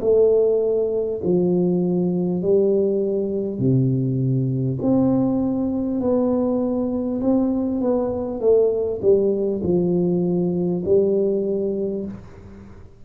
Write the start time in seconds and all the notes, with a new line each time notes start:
0.00 A3
1.24 F3
2.42 G3
3.58 C3
4.81 C4
6.00 B3
7.21 C4
7.81 B3
8.40 A3
9.01 G3
9.63 F3
10.84 G3